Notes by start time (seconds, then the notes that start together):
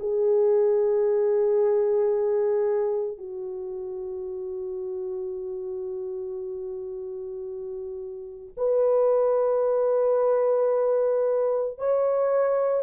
0.00 G#4
3.18 F#4
8.57 B4
11.78 C#5